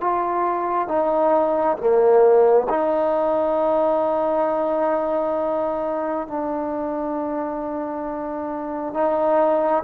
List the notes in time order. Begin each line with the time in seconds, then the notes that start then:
0.00 F4
0.88 D#4
1.77 A#3
2.69 D#4
6.27 D4
8.93 D#4